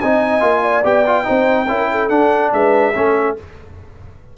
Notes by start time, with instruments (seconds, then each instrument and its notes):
0.00 tuba C4, trombone D#4, horn D#5, trumpet G#5
0.40 tuba A#3, trombone F4
0.62 horn D5
0.83 tuba B3, trombone G4, trumpet G5
1.06 trombone F4
1.24 tuba C4, trombone D#4, horn C5
1.68 tuba C#4, trombone E4, horn A#4
1.91 horn A4
2.09 trombone D4, tuba D4, trumpet F#5
2.52 tuba G#3, horn B4, trumpet E5
2.94 tuba A3, trombone C#4, horn A4